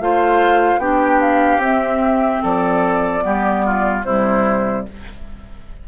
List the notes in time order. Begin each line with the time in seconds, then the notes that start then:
0.00 A3 F4 C5 F5
0.77 B3 D4 G4 G5
1.20 F5
1.57 C4 E5
2.42 F3 A4 D5
3.20 G3 B3 G4
3.65 F4
4.04 C3 G3 E4 C5